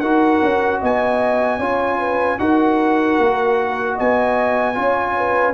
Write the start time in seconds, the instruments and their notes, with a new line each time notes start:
0.00 tuba D#4, trombone F#4, horn A#4, trumpet F#5
0.42 tuba C#4
0.81 tuba B3, horn D#5, trumpet G#5
1.59 tuba C#4, trombone F4, horn C#5
1.98 horn B4
2.39 tuba D#4, trombone F#4, horn A#4, trumpet F#5
3.19 tuba A#3
3.95 tuba B3, horn D#5, trumpet G#5
4.74 tuba C#4, trombone F4, horn C#5
5.17 horn B4